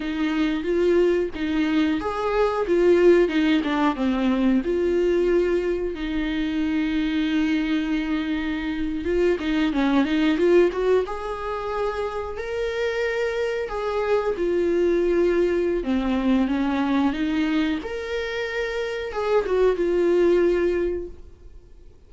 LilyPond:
\new Staff \with { instrumentName = "viola" } { \time 4/4 \tempo 4 = 91 dis'4 f'4 dis'4 gis'4 | f'4 dis'8 d'8 c'4 f'4~ | f'4 dis'2.~ | dis'4.~ dis'16 f'8 dis'8 cis'8 dis'8 f'16~ |
f'16 fis'8 gis'2 ais'4~ ais'16~ | ais'8. gis'4 f'2~ f'16 | c'4 cis'4 dis'4 ais'4~ | ais'4 gis'8 fis'8 f'2 | }